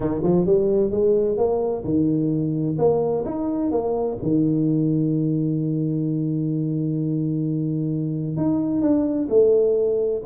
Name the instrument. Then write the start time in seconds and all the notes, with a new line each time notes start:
tuba
0.00 D#3
0.23 F3
0.45 G3
0.90 G#3
1.37 A#3
1.84 D#3
2.78 A#3
3.25 D#4
3.71 A#3
4.22 D#3
8.36 D#4
8.81 D4
9.29 A3